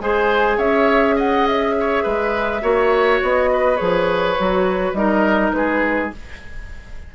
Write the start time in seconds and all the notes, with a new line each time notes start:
0.00 G#3 G#4 C5 G#5
0.57 C#4 C#5 E5
1.16 D#5 F#5
1.47 E5
1.80 C#5
2.03 G#3 B4
2.62 A#3 F#4 C#5
3.23 B3 D#5
3.53 B4
3.77 F3 G#4 C#5
4.39 F#3 F#4
4.93 G3 D#4 A#4 D#5
5.53 G#3 G#4 B4